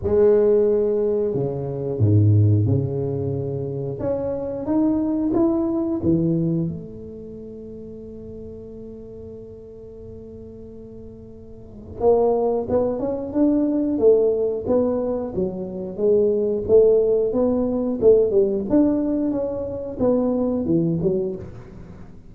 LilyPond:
\new Staff \with { instrumentName = "tuba" } { \time 4/4 \tempo 4 = 90 gis2 cis4 gis,4 | cis2 cis'4 dis'4 | e'4 e4 a2~ | a1~ |
a2 ais4 b8 cis'8 | d'4 a4 b4 fis4 | gis4 a4 b4 a8 g8 | d'4 cis'4 b4 e8 fis8 | }